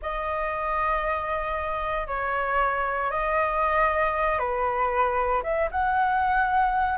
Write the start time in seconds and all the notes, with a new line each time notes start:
0.02 D#5
2.07 C#5
3.10 D#5
4.38 B4
5.43 E5
5.71 F#5